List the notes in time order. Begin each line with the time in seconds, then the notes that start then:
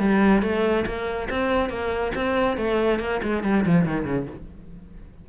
0.00 G3
0.43 A3
0.86 A#3
1.30 C4
1.70 A#3
2.16 C4
2.58 A3
3.00 A#3
3.23 G#3
3.44 G3
3.66 F3
3.86 D#3
4.06 C#3